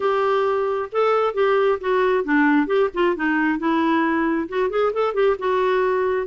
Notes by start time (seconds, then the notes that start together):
0.00 G4
0.92 A4
1.34 G4
1.80 F#4
2.24 D4
2.66 G4
2.94 F4
3.16 D#4
3.59 E4
4.48 F#4
4.70 G#4
4.93 A4
5.14 G4
5.39 F#4